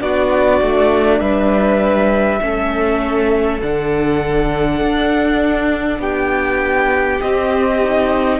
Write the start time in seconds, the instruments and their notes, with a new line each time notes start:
0.00 cello B3, viola D4, violin F#4 D5
0.61 cello A3
1.19 cello G3, violin B4 E5
2.41 cello A3, viola C#4, violin A4
3.61 cello D3, viola D4, violin F#5
4.81 cello D4
5.99 cello B3, violin G4 G5
7.21 viola C4, cello C4, violin D#5
7.83 viola D#4